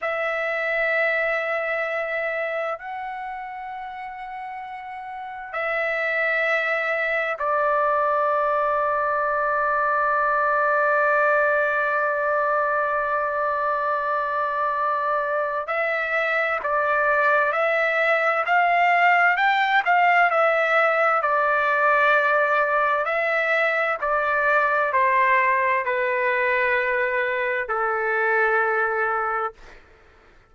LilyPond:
\new Staff \with { instrumentName = "trumpet" } { \time 4/4 \tempo 4 = 65 e''2. fis''4~ | fis''2 e''2 | d''1~ | d''1~ |
d''4 e''4 d''4 e''4 | f''4 g''8 f''8 e''4 d''4~ | d''4 e''4 d''4 c''4 | b'2 a'2 | }